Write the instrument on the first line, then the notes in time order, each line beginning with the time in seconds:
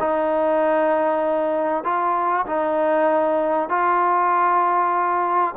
trombone
0.00 D#4
1.84 F4
2.47 D#4
3.69 F4